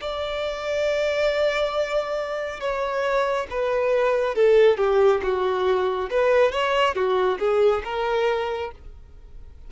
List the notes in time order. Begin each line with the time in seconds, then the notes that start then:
0.00 D5
2.60 C#5
3.50 B4
4.34 A4
4.77 G4
5.22 F#4
6.09 B4
6.51 C#5
6.94 F#4
7.39 G#4
7.84 A#4